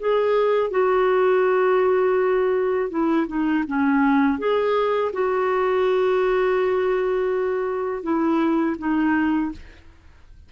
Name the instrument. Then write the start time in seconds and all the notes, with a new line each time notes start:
clarinet
0.00 G#4
0.71 F#4
2.90 E4
3.28 D#4
3.68 C#4
4.39 G#4
5.13 F#4
8.03 E4
8.79 D#4